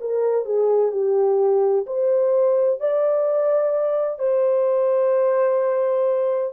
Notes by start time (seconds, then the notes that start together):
0.00 A#4
0.45 G#4
0.92 G4
1.86 C5
2.80 D5
4.18 C5